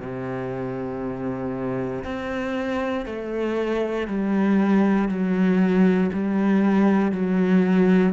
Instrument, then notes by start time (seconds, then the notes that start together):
cello
0.00 C3
2.04 C4
3.06 A3
4.07 G3
5.08 F#3
6.12 G3
7.11 F#3